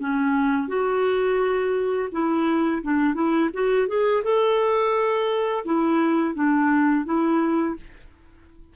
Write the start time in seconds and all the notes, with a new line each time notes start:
0.00 C#4
0.68 F#4
2.12 E4
2.83 D4
3.14 E4
3.54 F#4
3.88 G#4
4.24 A4
5.65 E4
6.35 D4
7.05 E4